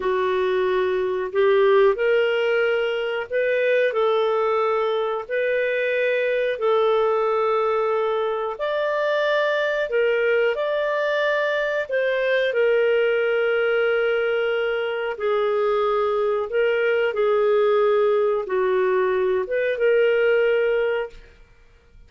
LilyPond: \new Staff \with { instrumentName = "clarinet" } { \time 4/4 \tempo 4 = 91 fis'2 g'4 ais'4~ | ais'4 b'4 a'2 | b'2 a'2~ | a'4 d''2 ais'4 |
d''2 c''4 ais'4~ | ais'2. gis'4~ | gis'4 ais'4 gis'2 | fis'4. b'8 ais'2 | }